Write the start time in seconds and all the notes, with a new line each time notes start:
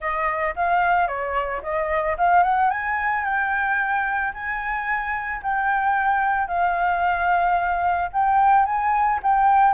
0.00 D#5
0.55 F5
1.07 C#5
1.62 D#5
2.17 F5
2.43 F#5
2.70 G#5
3.24 G5
4.33 G#5
5.42 G5
6.47 F5
8.13 G5
8.65 G#5
9.22 G5